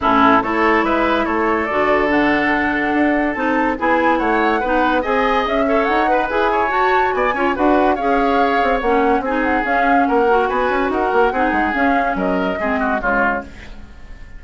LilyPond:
<<
  \new Staff \with { instrumentName = "flute" } { \time 4/4 \tempo 4 = 143 a'4 cis''4 e''4 cis''4 | d''4 fis''2. | a''4 gis''4 fis''2 | gis''4 e''4 fis''4 gis''4 |
a''4 gis''4 fis''4 f''4~ | f''4 fis''4 gis''8 fis''8 f''4 | fis''4 gis''4 fis''2 | f''4 dis''2 cis''4 | }
  \new Staff \with { instrumentName = "oboe" } { \time 4/4 e'4 a'4 b'4 a'4~ | a'1~ | a'4 gis'4 cis''4 b'4 | dis''4. cis''4 b'4 cis''8~ |
cis''4 d''8 cis''8 b'4 cis''4~ | cis''2 gis'2 | ais'4 b'4 ais'4 gis'4~ | gis'4 ais'4 gis'8 fis'8 f'4 | }
  \new Staff \with { instrumentName = "clarinet" } { \time 4/4 cis'4 e'2. | fis'4 d'2. | dis'4 e'2 dis'4 | gis'4. a'4 b'8 gis'4 |
fis'4. f'8 fis'4 gis'4~ | gis'4 cis'4 dis'4 cis'4~ | cis'8 fis'2~ fis'8 dis'4 | cis'2 c'4 gis4 | }
  \new Staff \with { instrumentName = "bassoon" } { \time 4/4 a,4 a4 gis4 a4 | d2. d'4 | c'4 b4 a4 b4 | c'4 cis'4 dis'4 e'4 |
fis'4 b8 cis'8 d'4 cis'4~ | cis'8 c'8 ais4 c'4 cis'4 | ais4 b8 cis'8 dis'8 ais8 c'8 gis8 | cis'4 fis4 gis4 cis4 | }
>>